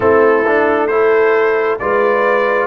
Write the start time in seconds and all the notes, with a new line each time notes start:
0.00 A3 C4 E4 A4
0.46 D4
0.87 E4 A4 C5
1.79 G#3 F4 B4 D5